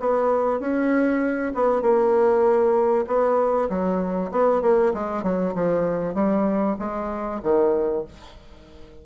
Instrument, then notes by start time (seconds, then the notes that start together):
bassoon
0.00 B3
0.60 C#4
1.55 B3
1.82 A#3
3.07 B3
3.69 F#3
4.32 B3
4.62 A#3
4.94 G#3
5.23 F#3
5.55 F3
6.15 G3
6.79 G#3
7.43 D#3